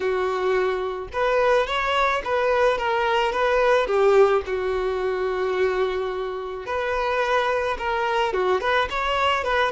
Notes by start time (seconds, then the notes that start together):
0.00 F#4
1.12 B4
1.66 C#5
2.24 B4
2.78 A#4
3.32 B4
3.86 G4
4.46 F#4
6.65 B4
7.78 A#4
8.33 F#4
8.60 B4
8.90 C#5
9.44 B4